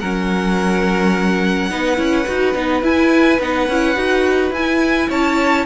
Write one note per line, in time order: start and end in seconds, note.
0.00 1.72 F#3
0.00 1.71 C#4
0.00 1.70 A#4
0.00 2.83 F#5
1.71 1.98 B3
1.71 1.96 D#4
1.71 5.10 B4
1.96 2.26 C#4
1.96 2.25 E4
2.27 2.55 D#4
2.27 2.55 F#4
2.55 2.83 B3
2.55 2.83 D#4
2.83 3.39 E4
2.83 3.40 E4
2.83 3.42 G#5
3.40 3.68 B3
3.40 3.69 D#4
3.40 4.54 F#5
3.68 3.97 C#4
3.68 3.96 E4
3.96 4.51 D#4
3.96 4.52 F#4
4.51 5.08 E4
4.51 5.10 G#5
4.58 5.66 E4
5.10 5.66 C#4
5.10 5.66 C#5
5.10 5.66 A5